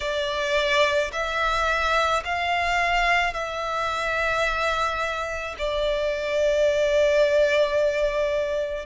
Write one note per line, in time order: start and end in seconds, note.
0.00 1.11 D5
1.12 2.23 E5
2.24 3.33 F5
3.33 5.56 E5
5.58 8.86 D5